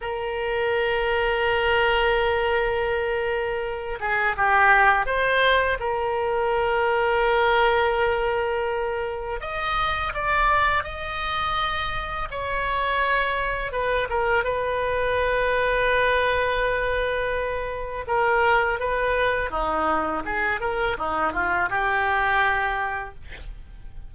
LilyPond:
\new Staff \with { instrumentName = "oboe" } { \time 4/4 \tempo 4 = 83 ais'1~ | ais'4. gis'8 g'4 c''4 | ais'1~ | ais'4 dis''4 d''4 dis''4~ |
dis''4 cis''2 b'8 ais'8 | b'1~ | b'4 ais'4 b'4 dis'4 | gis'8 ais'8 dis'8 f'8 g'2 | }